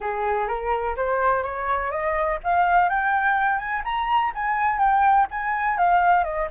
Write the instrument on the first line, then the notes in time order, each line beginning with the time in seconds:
flute
0.00 G#4
0.47 A#4
0.96 C5
1.43 C#5
1.91 D#5
2.43 F5
2.89 G5
3.58 G#5
3.84 A#5
4.34 G#5
4.78 G5
5.30 G#5
5.77 F5
6.24 D#5